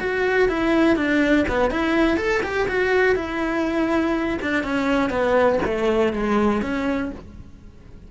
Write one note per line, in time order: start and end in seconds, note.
0.00 0.49 F#4
0.49 0.96 E4
0.96 1.46 D4
1.48 1.71 B3
1.71 2.17 E4
2.17 2.42 A4
2.43 2.68 G4
2.68 3.16 F#4
3.16 4.39 E4
4.42 4.64 D4
4.64 5.10 C#4
5.10 5.59 B3
5.65 6.13 A3
6.13 6.62 G#3
6.62 7.11 C#4